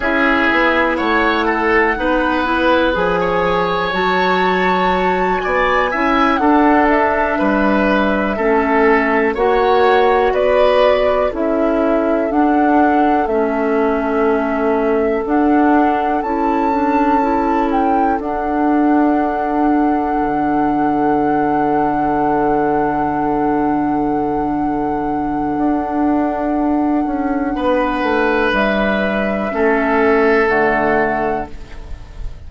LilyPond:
<<
  \new Staff \with { instrumentName = "flute" } { \time 4/4 \tempo 4 = 61 e''4 fis''2 gis''4 | a''4. gis''4 fis''8 e''4~ | e''4. fis''4 d''4 e''8~ | e''8 fis''4 e''2 fis''8~ |
fis''8 a''4. g''8 fis''4.~ | fis''1~ | fis''1~ | fis''4 e''2 fis''4 | }
  \new Staff \with { instrumentName = "oboe" } { \time 4/4 gis'4 cis''8 a'8 b'4~ b'16 cis''8.~ | cis''4. d''8 e''8 a'4 b'8~ | b'8 a'4 cis''4 b'4 a'8~ | a'1~ |
a'1~ | a'1~ | a'1 | b'2 a'2 | }
  \new Staff \with { instrumentName = "clarinet" } { \time 4/4 e'2 dis'8 e'8 gis'4 | fis'2 e'8 d'4.~ | d'8 cis'4 fis'2 e'8~ | e'8 d'4 cis'2 d'8~ |
d'8 e'8 d'8 e'4 d'4.~ | d'1~ | d'1~ | d'2 cis'4 a4 | }
  \new Staff \with { instrumentName = "bassoon" } { \time 4/4 cis'8 b8 a4 b4 f4 | fis4. b8 cis'8 d'4 g8~ | g8 a4 ais4 b4 cis'8~ | cis'8 d'4 a2 d'8~ |
d'8 cis'2 d'4.~ | d'8 d2.~ d8~ | d2 d'4. cis'8 | b8 a8 g4 a4 d4 | }
>>